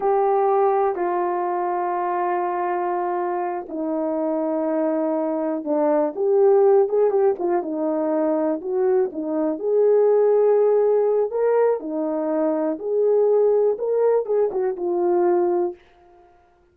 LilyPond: \new Staff \with { instrumentName = "horn" } { \time 4/4 \tempo 4 = 122 g'2 f'2~ | f'2.~ f'8 dis'8~ | dis'2.~ dis'8 d'8~ | d'8 g'4. gis'8 g'8 f'8 dis'8~ |
dis'4. fis'4 dis'4 gis'8~ | gis'2. ais'4 | dis'2 gis'2 | ais'4 gis'8 fis'8 f'2 | }